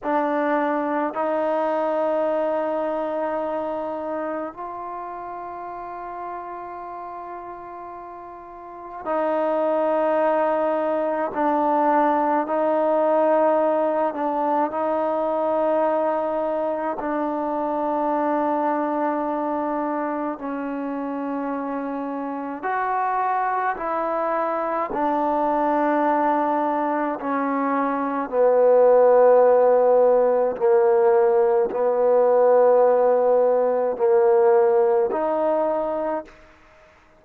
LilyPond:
\new Staff \with { instrumentName = "trombone" } { \time 4/4 \tempo 4 = 53 d'4 dis'2. | f'1 | dis'2 d'4 dis'4~ | dis'8 d'8 dis'2 d'4~ |
d'2 cis'2 | fis'4 e'4 d'2 | cis'4 b2 ais4 | b2 ais4 dis'4 | }